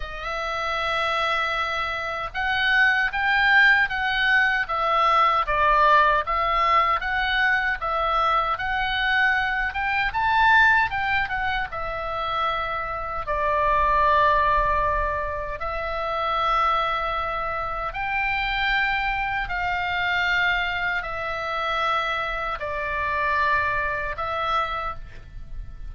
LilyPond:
\new Staff \with { instrumentName = "oboe" } { \time 4/4 \tempo 4 = 77 e''2. fis''4 | g''4 fis''4 e''4 d''4 | e''4 fis''4 e''4 fis''4~ | fis''8 g''8 a''4 g''8 fis''8 e''4~ |
e''4 d''2. | e''2. g''4~ | g''4 f''2 e''4~ | e''4 d''2 e''4 | }